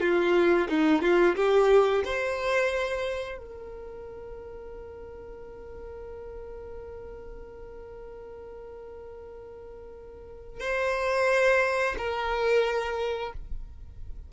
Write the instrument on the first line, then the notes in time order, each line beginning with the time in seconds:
violin
0.00 F4
0.69 D#4
1.01 F4
1.35 G4
2.04 C5
3.38 A#4
10.60 C5
11.98 A#4